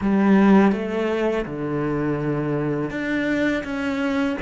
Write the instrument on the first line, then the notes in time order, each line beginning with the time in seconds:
cello
0.01 G3
0.72 A3
1.45 D3
2.90 D4
3.64 C#4